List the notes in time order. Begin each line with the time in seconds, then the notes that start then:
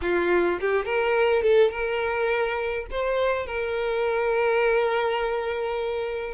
0.01 F4
0.60 G4
0.85 A#4
1.42 A4
1.71 A#4
2.90 C5
3.46 A#4